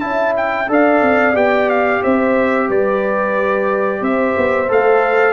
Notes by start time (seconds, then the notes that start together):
0.00 C#4 E4 E5 A5
0.36 G5
0.68 D4 A4 D5 F5
1.02 C4
1.34 B3 G4 G5
1.69 F5
2.02 C4 C5 E5
2.68 G3 B4 D5
4.01 C4 C5 E5
4.37 B3
4.68 A3 A4 F5